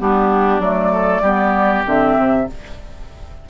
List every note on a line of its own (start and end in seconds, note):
0.00 0.59 G3
0.00 0.62 B3
0.00 0.93 D4
0.00 0.61 G4
0.59 1.21 F#3
0.59 1.24 A3
0.59 1.84 D5
0.93 1.22 A4
1.22 1.84 G3
1.22 1.86 B3
1.22 2.46 G4
1.86 2.17 D3
1.86 2.47 C4
1.86 2.50 E5
2.17 2.48 C3